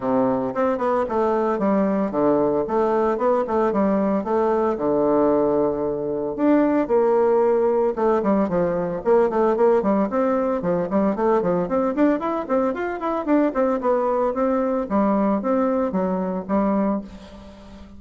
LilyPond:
\new Staff \with { instrumentName = "bassoon" } { \time 4/4 \tempo 4 = 113 c4 c'8 b8 a4 g4 | d4 a4 b8 a8 g4 | a4 d2. | d'4 ais2 a8 g8 |
f4 ais8 a8 ais8 g8 c'4 | f8 g8 a8 f8 c'8 d'8 e'8 c'8 | f'8 e'8 d'8 c'8 b4 c'4 | g4 c'4 fis4 g4 | }